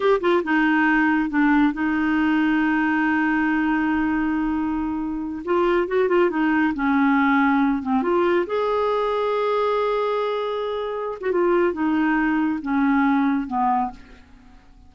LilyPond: \new Staff \with { instrumentName = "clarinet" } { \time 4/4 \tempo 4 = 138 g'8 f'8 dis'2 d'4 | dis'1~ | dis'1~ | dis'8 f'4 fis'8 f'8 dis'4 cis'8~ |
cis'2 c'8 f'4 gis'8~ | gis'1~ | gis'4.~ gis'16 fis'16 f'4 dis'4~ | dis'4 cis'2 b4 | }